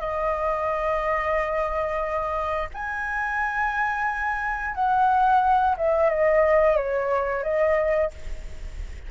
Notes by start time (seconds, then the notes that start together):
0.00 D#5
2.74 G#5
4.75 F#5
5.78 E5
6.10 D#5
6.77 C#5
7.44 D#5